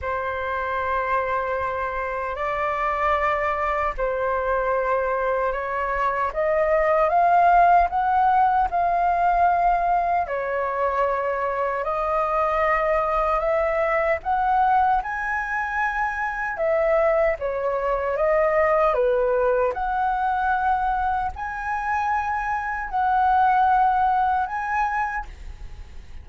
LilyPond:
\new Staff \with { instrumentName = "flute" } { \time 4/4 \tempo 4 = 76 c''2. d''4~ | d''4 c''2 cis''4 | dis''4 f''4 fis''4 f''4~ | f''4 cis''2 dis''4~ |
dis''4 e''4 fis''4 gis''4~ | gis''4 e''4 cis''4 dis''4 | b'4 fis''2 gis''4~ | gis''4 fis''2 gis''4 | }